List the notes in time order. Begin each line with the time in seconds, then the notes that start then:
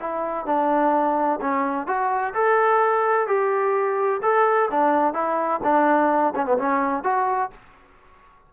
0.00 E4
0.46 D4
1.41 C#4
1.87 F#4
2.34 A4
3.27 G4
4.23 A4
4.71 D4
5.14 E4
5.63 D4
6.35 C#4
6.46 B3
6.58 C#4
7.04 F#4